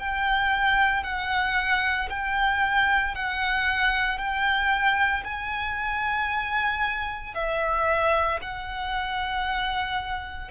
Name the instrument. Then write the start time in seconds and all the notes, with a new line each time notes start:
violin
0.00 G5
1.04 F#5
2.10 G5
3.15 F#5
4.19 G5
5.24 G#5
7.35 E5
8.42 F#5